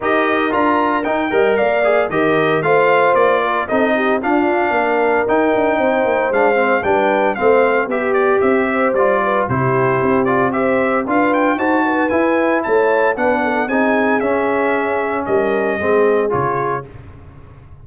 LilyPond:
<<
  \new Staff \with { instrumentName = "trumpet" } { \time 4/4 \tempo 4 = 114 dis''4 ais''4 g''4 f''4 | dis''4 f''4 d''4 dis''4 | f''2 g''2 | f''4 g''4 f''4 e''8 d''8 |
e''4 d''4 c''4. d''8 | e''4 f''8 g''8 a''4 gis''4 | a''4 fis''4 gis''4 e''4~ | e''4 dis''2 cis''4 | }
  \new Staff \with { instrumentName = "horn" } { \time 4/4 ais'2~ ais'8 dis''8 d''4 | ais'4 c''4. ais'8 a'8 g'8 | f'4 ais'2 c''4~ | c''4 b'4 c''4 g'4~ |
g'8 c''4 b'8 g'2 | c''4 b'4 c''8 b'4. | cis''4 b'8 a'8 gis'2~ | gis'4 ais'4 gis'2 | }
  \new Staff \with { instrumentName = "trombone" } { \time 4/4 g'4 f'4 dis'8 ais'4 gis'8 | g'4 f'2 dis'4 | d'2 dis'2 | d'8 c'8 d'4 c'4 g'4~ |
g'4 f'4 e'4. f'8 | g'4 f'4 fis'4 e'4~ | e'4 d'4 dis'4 cis'4~ | cis'2 c'4 f'4 | }
  \new Staff \with { instrumentName = "tuba" } { \time 4/4 dis'4 d'4 dis'8 g8 ais4 | dis4 a4 ais4 c'4 | d'4 ais4 dis'8 d'8 c'8 ais8 | gis4 g4 a4 b4 |
c'4 g4 c4 c'4~ | c'4 d'4 dis'4 e'4 | a4 b4 c'4 cis'4~ | cis'4 g4 gis4 cis4 | }
>>